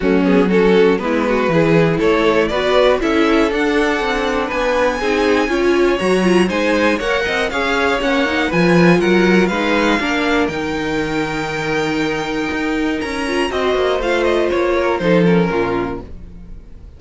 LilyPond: <<
  \new Staff \with { instrumentName = "violin" } { \time 4/4 \tempo 4 = 120 fis'8 gis'8 a'4 b'2 | cis''4 d''4 e''4 fis''4~ | fis''4 gis''2. | ais''4 gis''4 fis''4 f''4 |
fis''4 gis''4 fis''4 f''4~ | f''4 g''2.~ | g''2 ais''4 dis''4 | f''8 dis''8 cis''4 c''8 ais'4. | }
  \new Staff \with { instrumentName = "violin" } { \time 4/4 cis'4 fis'4 e'8 fis'8 gis'4 | a'4 b'4 a'2~ | a'4 b'4 gis'4 cis''4~ | cis''4 c''4 cis''8 dis''8 cis''4~ |
cis''4 b'4 ais'4 b'4 | ais'1~ | ais'2. c''4~ | c''4. ais'8 a'4 f'4 | }
  \new Staff \with { instrumentName = "viola" } { \time 4/4 a8 b8 cis'4 b4 e'4~ | e'4 fis'4 e'4 d'4~ | d'2 dis'4 f'4 | fis'8 f'8 dis'4 ais'4 gis'4 |
cis'8 dis'8 f'2 dis'4 | d'4 dis'2.~ | dis'2~ dis'8 f'8 fis'4 | f'2 dis'8 cis'4. | }
  \new Staff \with { instrumentName = "cello" } { \time 4/4 fis2 gis4 e4 | a4 b4 cis'4 d'4 | c'4 b4 c'4 cis'4 | fis4 gis4 ais8 c'8 cis'4 |
ais4 f4 fis4 gis4 | ais4 dis2.~ | dis4 dis'4 cis'4 c'8 ais8 | a4 ais4 f4 ais,4 | }
>>